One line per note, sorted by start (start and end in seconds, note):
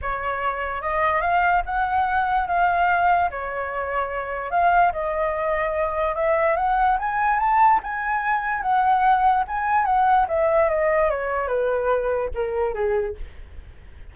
0.01 0.81 C#5
0.81 1.21 D#5
1.21 1.62 F5
1.65 2.47 F#5
2.47 3.30 F5
3.30 4.51 C#5
4.51 4.92 F5
4.92 6.15 D#5
6.15 6.56 E5
6.56 6.97 F#5
6.98 7.39 G#5
7.39 7.80 A5
7.83 8.62 G#5
8.62 9.44 F#5
9.47 9.85 G#5
9.85 10.26 F#5
10.28 10.69 E5
10.69 11.09 D#5
11.09 11.47 C#5
11.47 12.29 B4
12.34 12.74 A#4
12.74 13.15 G#4